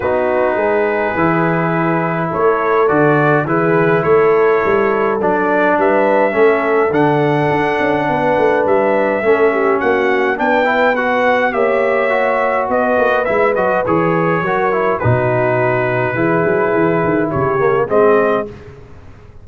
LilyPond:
<<
  \new Staff \with { instrumentName = "trumpet" } { \time 4/4 \tempo 4 = 104 b'1 | cis''4 d''4 b'4 cis''4~ | cis''4 d''4 e''2 | fis''2. e''4~ |
e''4 fis''4 g''4 fis''4 | e''2 dis''4 e''8 dis''8 | cis''2 b'2~ | b'2 cis''4 dis''4 | }
  \new Staff \with { instrumentName = "horn" } { \time 4/4 fis'4 gis'2. | a'2 gis'4 a'4~ | a'2 b'4 a'4~ | a'2 b'2 |
a'8 g'8 fis'4 b'2 | cis''2 b'2~ | b'4 ais'4 fis'2 | gis'2 g'4 gis'4 | }
  \new Staff \with { instrumentName = "trombone" } { \time 4/4 dis'2 e'2~ | e'4 fis'4 e'2~ | e'4 d'2 cis'4 | d'1 |
cis'2 d'8 e'8 fis'4 | g'4 fis'2 e'8 fis'8 | gis'4 fis'8 e'8 dis'2 | e'2~ e'8 ais8 c'4 | }
  \new Staff \with { instrumentName = "tuba" } { \time 4/4 b4 gis4 e2 | a4 d4 e4 a4 | g4 fis4 g4 a4 | d4 d'8 cis'8 b8 a8 g4 |
a4 ais4 b2 | ais2 b8 ais8 gis8 fis8 | e4 fis4 b,2 | e8 fis8 e8 dis8 cis4 gis4 | }
>>